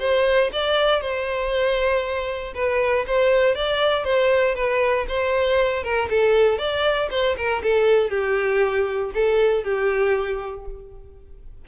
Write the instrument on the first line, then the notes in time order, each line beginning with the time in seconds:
violin
0.00 C5
0.53 D5
1.01 C5
2.55 B4
3.07 C5
3.55 D5
4.05 C5
4.56 B4
5.09 C5
5.84 A#4
6.10 A4
6.58 D5
7.11 C5
7.37 A#4
7.63 A4
8.10 G4
9.14 A4
9.64 G4